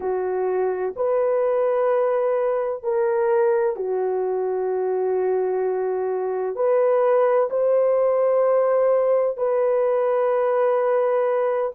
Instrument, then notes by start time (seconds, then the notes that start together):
horn
0.00 F#4
0.96 B4
2.83 A#4
3.75 F#4
6.55 B4
7.50 C5
9.37 B4